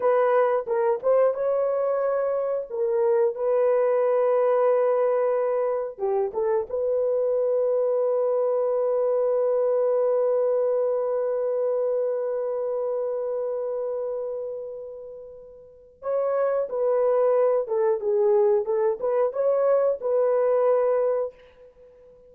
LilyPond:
\new Staff \with { instrumentName = "horn" } { \time 4/4 \tempo 4 = 90 b'4 ais'8 c''8 cis''2 | ais'4 b'2.~ | b'4 g'8 a'8 b'2~ | b'1~ |
b'1~ | b'1 | cis''4 b'4. a'8 gis'4 | a'8 b'8 cis''4 b'2 | }